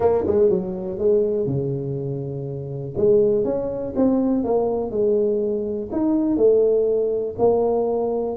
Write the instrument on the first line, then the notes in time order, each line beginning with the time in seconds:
tuba
0.00 A#3
0.26 G#3
0.49 F#3
0.98 G#3
1.46 C#3
2.96 G#3
3.44 C#4
3.95 C4
4.44 A#3
4.90 G#3
5.92 D#4
6.36 A3
7.38 A#3